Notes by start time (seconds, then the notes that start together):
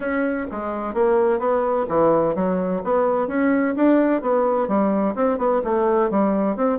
0.00 C#4
0.51 G#3
0.94 A#3
1.39 B3
1.88 E3
2.35 F#3
2.84 B3
3.27 C#4
3.76 D4
4.21 B3
4.67 G3
5.15 C4
5.38 B3
5.64 A3
6.10 G3
6.56 C4